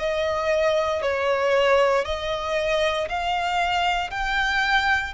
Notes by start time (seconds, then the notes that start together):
0.00 D#5
1.03 C#5
2.05 D#5
3.09 F5
4.11 G5